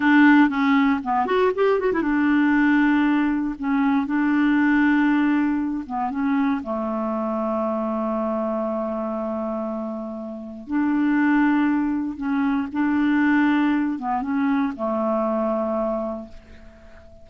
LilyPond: \new Staff \with { instrumentName = "clarinet" } { \time 4/4 \tempo 4 = 118 d'4 cis'4 b8 fis'8 g'8 fis'16 e'16 | d'2. cis'4 | d'2.~ d'8 b8 | cis'4 a2.~ |
a1~ | a4 d'2. | cis'4 d'2~ d'8 b8 | cis'4 a2. | }